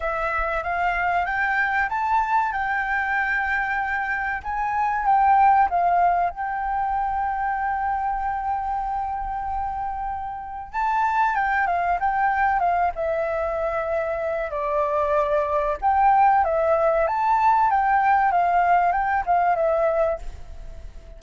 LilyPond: \new Staff \with { instrumentName = "flute" } { \time 4/4 \tempo 4 = 95 e''4 f''4 g''4 a''4 | g''2. gis''4 | g''4 f''4 g''2~ | g''1~ |
g''4 a''4 g''8 f''8 g''4 | f''8 e''2~ e''8 d''4~ | d''4 g''4 e''4 a''4 | g''4 f''4 g''8 f''8 e''4 | }